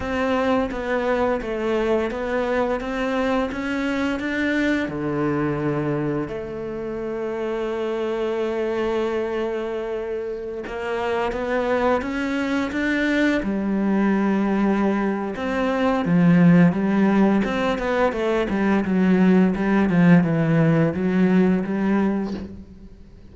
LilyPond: \new Staff \with { instrumentName = "cello" } { \time 4/4 \tempo 4 = 86 c'4 b4 a4 b4 | c'4 cis'4 d'4 d4~ | d4 a2.~ | a2.~ a16 ais8.~ |
ais16 b4 cis'4 d'4 g8.~ | g2 c'4 f4 | g4 c'8 b8 a8 g8 fis4 | g8 f8 e4 fis4 g4 | }